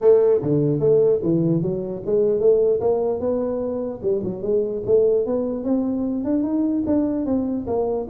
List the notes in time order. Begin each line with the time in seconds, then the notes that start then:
0.01 A3
0.42 D3
0.79 A3
1.23 E3
1.61 F#3
2.05 G#3
2.39 A3
2.80 A#3
3.20 B3
4.02 G3
4.23 F#3
4.42 G#3
4.86 A3
5.26 B3
5.64 C4
6.24 D4
6.43 D#4
6.86 D4
7.25 C4
7.67 A#3